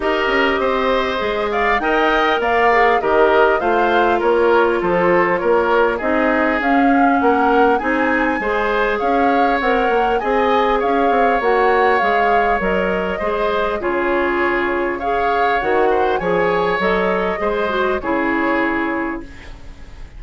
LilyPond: <<
  \new Staff \with { instrumentName = "flute" } { \time 4/4 \tempo 4 = 100 dis''2~ dis''8 f''8 g''4 | f''4 dis''4 f''4 cis''4 | c''4 cis''4 dis''4 f''4 | fis''4 gis''2 f''4 |
fis''4 gis''4 f''4 fis''4 | f''4 dis''2 cis''4~ | cis''4 f''4 fis''4 gis''4 | dis''2 cis''2 | }
  \new Staff \with { instrumentName = "oboe" } { \time 4/4 ais'4 c''4. d''8 dis''4 | d''4 ais'4 c''4 ais'4 | a'4 ais'4 gis'2 | ais'4 gis'4 c''4 cis''4~ |
cis''4 dis''4 cis''2~ | cis''2 c''4 gis'4~ | gis'4 cis''4. c''8 cis''4~ | cis''4 c''4 gis'2 | }
  \new Staff \with { instrumentName = "clarinet" } { \time 4/4 g'2 gis'4 ais'4~ | ais'8 gis'8 g'4 f'2~ | f'2 dis'4 cis'4~ | cis'4 dis'4 gis'2 |
ais'4 gis'2 fis'4 | gis'4 ais'4 gis'4 f'4~ | f'4 gis'4 fis'4 gis'4 | a'4 gis'8 fis'8 e'2 | }
  \new Staff \with { instrumentName = "bassoon" } { \time 4/4 dis'8 cis'8 c'4 gis4 dis'4 | ais4 dis4 a4 ais4 | f4 ais4 c'4 cis'4 | ais4 c'4 gis4 cis'4 |
c'8 ais8 c'4 cis'8 c'8 ais4 | gis4 fis4 gis4 cis4~ | cis2 dis4 f4 | fis4 gis4 cis2 | }
>>